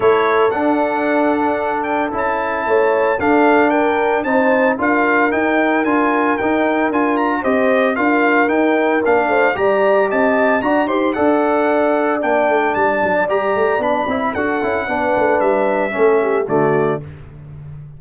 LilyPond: <<
  \new Staff \with { instrumentName = "trumpet" } { \time 4/4 \tempo 4 = 113 cis''4 fis''2~ fis''8 g''8 | a''2 f''4 g''4 | a''4 f''4 g''4 gis''4 | g''4 gis''8 ais''8 dis''4 f''4 |
g''4 f''4 ais''4 a''4 | ais''8 c'''8 fis''2 g''4 | a''4 ais''4 b''4 fis''4~ | fis''4 e''2 d''4 | }
  \new Staff \with { instrumentName = "horn" } { \time 4/4 a'1~ | a'4 cis''4 a'4 ais'4 | c''4 ais'2.~ | ais'2 c''4 ais'4~ |
ais'4. c''8 d''4 dis''4 | d''8 c''8 d''2.~ | d''2. a'4 | b'2 a'8 g'8 fis'4 | }
  \new Staff \with { instrumentName = "trombone" } { \time 4/4 e'4 d'2. | e'2 d'2 | dis'4 f'4 dis'4 f'4 | dis'4 f'4 g'4 f'4 |
dis'4 d'4 g'2 | fis'8 g'8 a'2 d'4~ | d'4 g'4 d'8 e'8 fis'8 e'8 | d'2 cis'4 a4 | }
  \new Staff \with { instrumentName = "tuba" } { \time 4/4 a4 d'2. | cis'4 a4 d'2 | c'4 d'4 dis'4 d'4 | dis'4 d'4 c'4 d'4 |
dis'4 ais8 a8 g4 c'4 | d'8 dis'8 d'2 ais8 a8 | g8 fis8 g8 a8 b8 c'8 d'8 cis'8 | b8 a8 g4 a4 d4 | }
>>